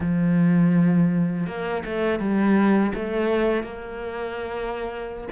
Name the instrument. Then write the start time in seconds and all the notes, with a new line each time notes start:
cello
0.00 F3
1.46 A#3
1.85 A3
2.19 G3
2.94 A3
3.63 A#3